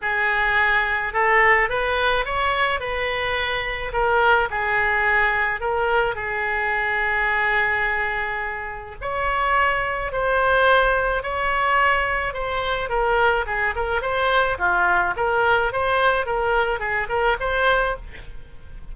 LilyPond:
\new Staff \with { instrumentName = "oboe" } { \time 4/4 \tempo 4 = 107 gis'2 a'4 b'4 | cis''4 b'2 ais'4 | gis'2 ais'4 gis'4~ | gis'1 |
cis''2 c''2 | cis''2 c''4 ais'4 | gis'8 ais'8 c''4 f'4 ais'4 | c''4 ais'4 gis'8 ais'8 c''4 | }